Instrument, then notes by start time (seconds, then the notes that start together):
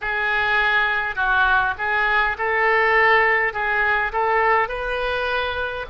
oboe
0.01 G#4
1.15 F#4
1.78 G#4
2.38 A4
3.53 G#4
4.12 A4
4.68 B4